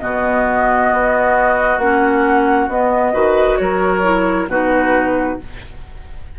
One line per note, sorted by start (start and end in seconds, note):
0.00 0.92 B2
0.00 1.80 B3
0.00 3.14 F#4
0.00 1.79 D#5
0.93 1.79 B3
1.79 2.68 A#3
1.79 2.70 C#4
1.79 2.69 F#5
2.69 3.13 B3
2.69 3.14 B3
2.69 3.58 D#5
3.14 3.59 D#3
3.14 4.03 F#4
3.14 3.58 B4
3.58 4.48 F#3
3.58 4.50 A#4
3.58 4.47 C#5
4.03 4.48 E4
4.48 5.37 B2
4.48 5.40 D#4
4.48 5.40 F#4
4.48 5.40 B4